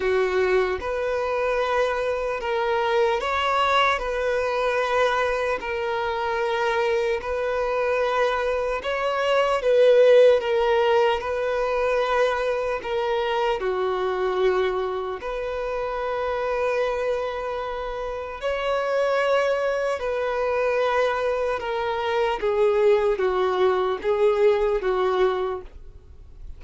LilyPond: \new Staff \with { instrumentName = "violin" } { \time 4/4 \tempo 4 = 75 fis'4 b'2 ais'4 | cis''4 b'2 ais'4~ | ais'4 b'2 cis''4 | b'4 ais'4 b'2 |
ais'4 fis'2 b'4~ | b'2. cis''4~ | cis''4 b'2 ais'4 | gis'4 fis'4 gis'4 fis'4 | }